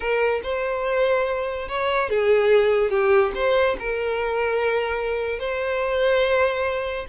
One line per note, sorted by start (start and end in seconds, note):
0.00 0.41 A#4
0.43 1.68 C5
1.68 2.09 C#5
2.09 2.90 G#4
2.90 3.32 G4
3.34 3.76 C5
3.79 5.39 A#4
5.39 7.05 C5